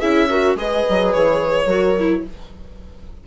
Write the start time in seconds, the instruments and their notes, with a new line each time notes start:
0.00 bassoon C#4, viola E4, horn G#4, violin E5
0.30 viola F#4, horn A#4
0.56 bassoon G#3, viola G#4, horn B4, violin D#5
0.90 bassoon F#3
1.13 bassoon E3, violin C#5
1.66 bassoon F#3, viola F#4, horn A#4
1.99 viola E4